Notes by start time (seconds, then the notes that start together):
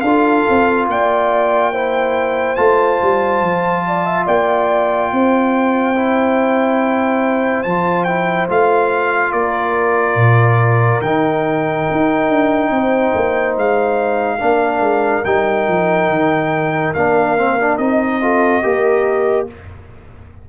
0.00 D4 F4 A4 F5
0.48 C4
0.87 A#3 D5 G5
1.72 E4 C5
2.55 A3 F4 A5
3.01 G3
3.41 F3
3.87 D5
4.05 E5
4.26 A#3 D5 G5
5.12 C4 C5
5.95 E4
7.63 F3 F4 A5
8.04 E4 G5
8.48 A3 F4 F5
9.32 A#3 A#4 D5
10.15 A#2
11.01 D#3 D#4 G5
11.91 D#4
12.29 D4
12.70 C4 C5
13.14 A#3
13.56 G#3 F5
14.37 A#3 D4 A#4
14.80 G#3
15.24 G3 D#4 G5
15.67 F3
16.08 D#3
16.93 A#3 D4 F5
17.37 C4
17.59 D4
17.77 C4 D#4 D#5
18.21 F4 A4
18.62 A#3 G4 A#4